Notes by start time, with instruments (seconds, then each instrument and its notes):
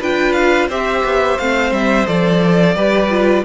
0.00 cello D4, viola F4, violin B4 G5
0.33 violin F5
0.68 cello C4, viola G4, violin C5 E5
1.04 cello B3
1.38 cello A3, viola C4, violin F5
1.72 cello G3, violin E5
2.06 cello F3, viola A4, violin D5
2.75 cello G3, viola G4, violin B4
3.10 viola F4